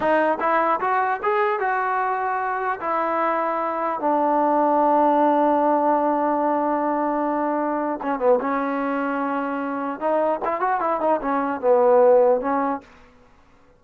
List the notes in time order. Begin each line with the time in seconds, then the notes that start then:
0.00 D#4
0.40 E4
0.80 F#4
1.22 G#4
1.59 F#4
2.80 E4
4.00 D4
8.02 C#4
8.19 B3
8.40 C#4
10.00 D#4
10.45 E4
10.60 F#4
10.80 E4
11.00 D#4
11.21 C#4
11.61 B3
12.40 C#4